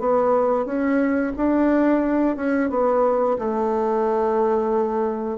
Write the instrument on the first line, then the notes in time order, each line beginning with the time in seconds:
bassoon
0.00 B3
0.66 C#4
1.37 D4
2.37 C#4
2.71 B3
3.39 A3